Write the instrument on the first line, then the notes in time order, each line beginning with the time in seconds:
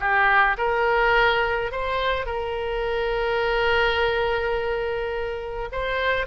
oboe
0.00 G4
0.58 A#4
1.72 C5
2.26 A#4
5.72 C5